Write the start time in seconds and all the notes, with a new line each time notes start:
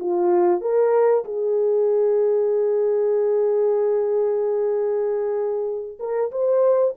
0.00 F4
0.61 A#4
1.25 G#4
6.00 A#4
6.32 C5